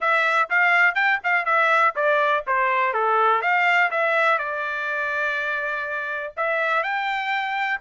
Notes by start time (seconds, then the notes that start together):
0.00 E5
0.49 F5
0.94 G5
1.23 F5
1.45 E5
1.95 D5
2.46 C5
2.93 A4
3.41 F5
3.90 E5
4.38 D5
6.36 E5
6.83 G5